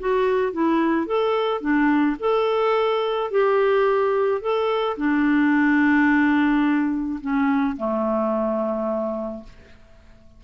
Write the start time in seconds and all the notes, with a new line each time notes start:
0.00 F#4
0.53 E4
1.07 A4
1.61 D4
2.20 A4
3.31 G4
4.41 A4
4.98 D4
7.21 C#4
7.77 A3